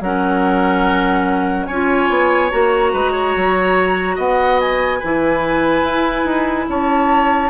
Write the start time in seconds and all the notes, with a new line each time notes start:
0.00 F#3 C#4 A#4 F#5
1.66 C#4 F4 C#5 G#5
2.09 B3
2.51 A#3 F#4 A#5
2.92 G#3 B4
3.11 C#5
3.36 F#3
4.15 B3 D#5 F#5
4.60 G#5
4.99 E3 E4 B4
5.83 E4
6.24 D#4
6.68 C#4 C#5 A5